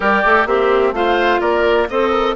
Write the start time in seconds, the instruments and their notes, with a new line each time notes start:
0.00 bassoon G3, oboe G4, clarinet A#4, flute D5
0.24 bassoon A3, clarinet A4
0.45 bassoon A#3, oboe C4, clarinet G4, flute E5
0.91 bassoon A3, clarinet F4, oboe C5, flute F5
1.40 bassoon A#3, oboe A#4, flute D5
1.89 bassoon C4, clarinet A4, flute C5, oboe D#5
2.10 flute A#4